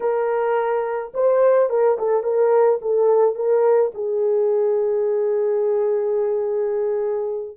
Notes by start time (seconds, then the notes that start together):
0.00 A#4
1.14 C5
1.69 A#4
1.98 A4
2.23 A#4
2.81 A4
3.35 A#4
3.94 G#4